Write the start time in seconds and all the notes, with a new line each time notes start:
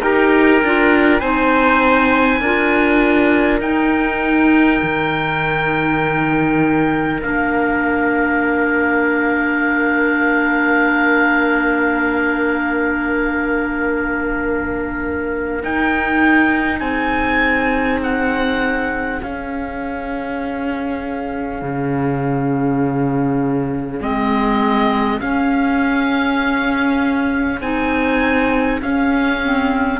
0.00 D#4 G4 A#4 G5
0.63 D4 F4
1.20 C4 D#4 C5 G#5
2.40 D4 F4 A#4
3.60 D#4 G5
4.82 D#3
7.21 A#3 D4 F5
15.62 D#4 G5
16.79 C4 G#4 G#5
18.03 F#5
19.20 C#4 F5
21.62 C#3
24.00 G#3 C4 D#5
25.20 C#4 F5
27.61 C4 D#4 G#5
28.81 C#4 F5
29.43 C4